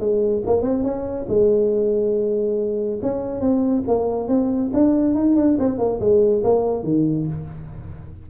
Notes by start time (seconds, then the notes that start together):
0.00 G#3
0.46 A#3
0.62 C4
0.83 C#4
1.29 G#3
3.02 C#4
3.41 C4
3.87 A#3
4.28 C4
4.73 D4
5.15 D#4
5.36 D4
5.59 C4
5.78 A#3
6.00 G#3
6.44 A#3
6.84 D#3